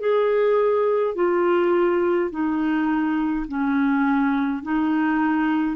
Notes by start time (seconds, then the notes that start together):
0.00 G#4
1.15 F4
2.31 D#4
3.48 C#4
4.63 D#4